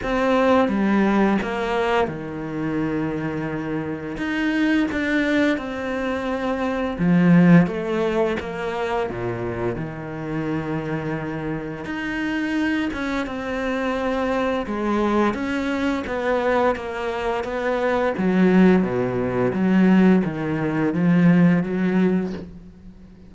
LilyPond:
\new Staff \with { instrumentName = "cello" } { \time 4/4 \tempo 4 = 86 c'4 g4 ais4 dis4~ | dis2 dis'4 d'4 | c'2 f4 a4 | ais4 ais,4 dis2~ |
dis4 dis'4. cis'8 c'4~ | c'4 gis4 cis'4 b4 | ais4 b4 fis4 b,4 | fis4 dis4 f4 fis4 | }